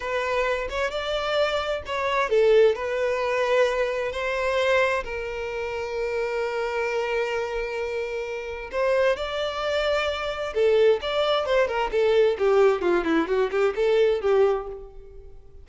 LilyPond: \new Staff \with { instrumentName = "violin" } { \time 4/4 \tempo 4 = 131 b'4. cis''8 d''2 | cis''4 a'4 b'2~ | b'4 c''2 ais'4~ | ais'1~ |
ais'2. c''4 | d''2. a'4 | d''4 c''8 ais'8 a'4 g'4 | f'8 e'8 fis'8 g'8 a'4 g'4 | }